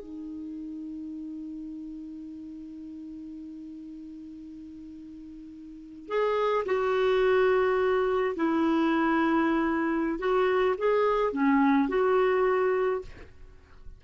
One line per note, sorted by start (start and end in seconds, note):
0.00 6.08 D#4
6.08 6.65 G#4
6.66 8.35 F#4
8.36 10.19 E4
10.19 10.76 F#4
10.78 11.33 G#4
11.33 11.89 C#4
11.89 13.02 F#4